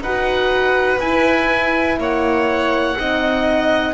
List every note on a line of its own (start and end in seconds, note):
0.00 0.98 D#4
0.00 1.01 F#4
0.00 1.99 B4
0.00 1.00 F#5
1.00 1.98 E4
1.00 2.97 E4
1.00 1.98 G#5
1.98 2.96 A#3
1.98 2.98 C#5
1.98 3.94 F#5
2.97 3.94 C4
2.97 3.94 D#4
2.97 3.94 D#5